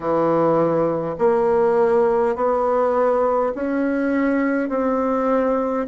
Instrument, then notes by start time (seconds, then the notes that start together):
bassoon
0.00 E3
1.18 A#3
2.35 B3
3.55 C#4
4.69 C4